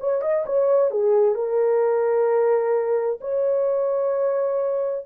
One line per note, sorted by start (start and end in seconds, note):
0.00 0.21 C#5
0.21 0.44 D#5
0.46 0.91 C#5
0.91 1.34 G#4
1.34 3.19 A#4
3.21 5.05 C#5